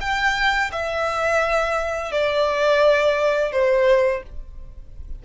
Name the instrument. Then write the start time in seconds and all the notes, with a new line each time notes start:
violin
0.00 G5
0.72 E5
2.11 D5
3.52 C5